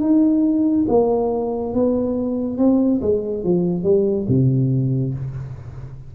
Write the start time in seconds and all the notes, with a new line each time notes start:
0.00 D#4
0.88 A#3
1.74 B3
2.58 C4
3.02 G#3
3.44 F3
3.83 G3
4.29 C3